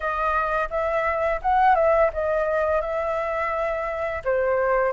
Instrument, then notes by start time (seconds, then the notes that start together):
flute
0.00 D#5
0.69 E5
1.41 F#5
1.75 E5
2.13 D#5
2.81 E5
4.24 C5